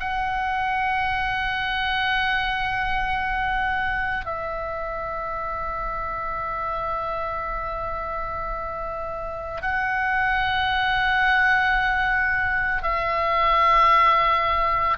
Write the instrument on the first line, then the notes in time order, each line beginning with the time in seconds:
oboe
0.00 F#5
4.26 E5
9.62 F#5
12.83 E5